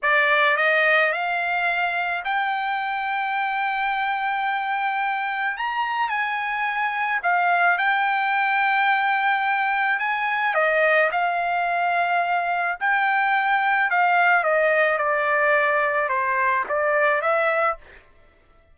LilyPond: \new Staff \with { instrumentName = "trumpet" } { \time 4/4 \tempo 4 = 108 d''4 dis''4 f''2 | g''1~ | g''2 ais''4 gis''4~ | gis''4 f''4 g''2~ |
g''2 gis''4 dis''4 | f''2. g''4~ | g''4 f''4 dis''4 d''4~ | d''4 c''4 d''4 e''4 | }